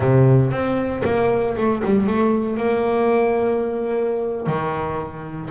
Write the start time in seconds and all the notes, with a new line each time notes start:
0.00 C3
0.51 C4
1.04 A#3
1.56 A3
1.84 G3
2.06 A3
2.57 A#3
4.47 D#3